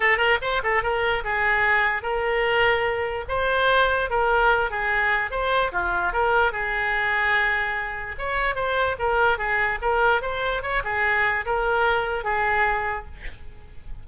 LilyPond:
\new Staff \with { instrumentName = "oboe" } { \time 4/4 \tempo 4 = 147 a'8 ais'8 c''8 a'8 ais'4 gis'4~ | gis'4 ais'2. | c''2 ais'4. gis'8~ | gis'4 c''4 f'4 ais'4 |
gis'1 | cis''4 c''4 ais'4 gis'4 | ais'4 c''4 cis''8 gis'4. | ais'2 gis'2 | }